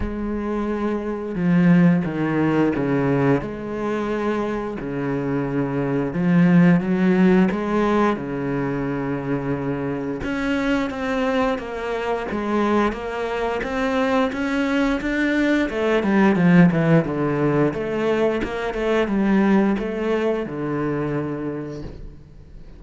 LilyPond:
\new Staff \with { instrumentName = "cello" } { \time 4/4 \tempo 4 = 88 gis2 f4 dis4 | cis4 gis2 cis4~ | cis4 f4 fis4 gis4 | cis2. cis'4 |
c'4 ais4 gis4 ais4 | c'4 cis'4 d'4 a8 g8 | f8 e8 d4 a4 ais8 a8 | g4 a4 d2 | }